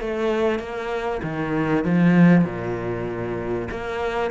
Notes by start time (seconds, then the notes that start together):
0.00 A3
0.59 A#3
1.22 D#3
1.84 F3
2.44 A#2
3.70 A#3